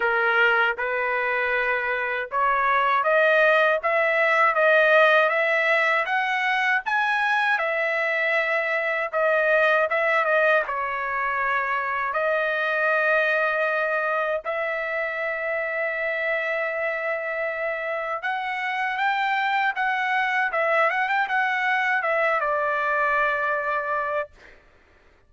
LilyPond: \new Staff \with { instrumentName = "trumpet" } { \time 4/4 \tempo 4 = 79 ais'4 b'2 cis''4 | dis''4 e''4 dis''4 e''4 | fis''4 gis''4 e''2 | dis''4 e''8 dis''8 cis''2 |
dis''2. e''4~ | e''1 | fis''4 g''4 fis''4 e''8 fis''16 g''16 | fis''4 e''8 d''2~ d''8 | }